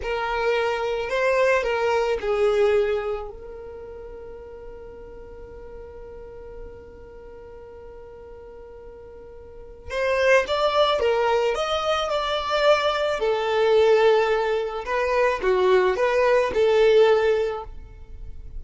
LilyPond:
\new Staff \with { instrumentName = "violin" } { \time 4/4 \tempo 4 = 109 ais'2 c''4 ais'4 | gis'2 ais'2~ | ais'1~ | ais'1~ |
ais'2 c''4 d''4 | ais'4 dis''4 d''2 | a'2. b'4 | fis'4 b'4 a'2 | }